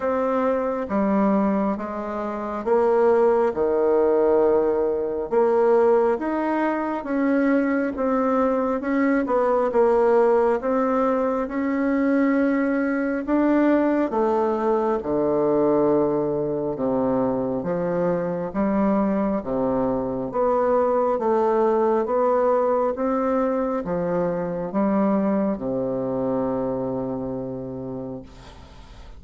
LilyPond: \new Staff \with { instrumentName = "bassoon" } { \time 4/4 \tempo 4 = 68 c'4 g4 gis4 ais4 | dis2 ais4 dis'4 | cis'4 c'4 cis'8 b8 ais4 | c'4 cis'2 d'4 |
a4 d2 c4 | f4 g4 c4 b4 | a4 b4 c'4 f4 | g4 c2. | }